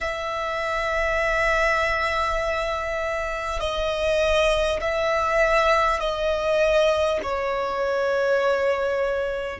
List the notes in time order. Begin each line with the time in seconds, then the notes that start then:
0.00 E5
3.60 D#5
4.81 E5
5.99 D#5
7.23 C#5